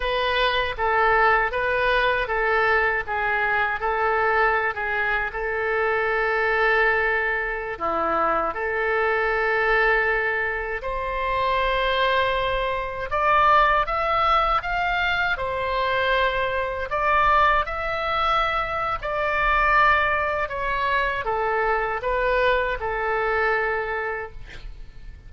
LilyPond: \new Staff \with { instrumentName = "oboe" } { \time 4/4 \tempo 4 = 79 b'4 a'4 b'4 a'4 | gis'4 a'4~ a'16 gis'8. a'4~ | a'2~ a'16 e'4 a'8.~ | a'2~ a'16 c''4.~ c''16~ |
c''4~ c''16 d''4 e''4 f''8.~ | f''16 c''2 d''4 e''8.~ | e''4 d''2 cis''4 | a'4 b'4 a'2 | }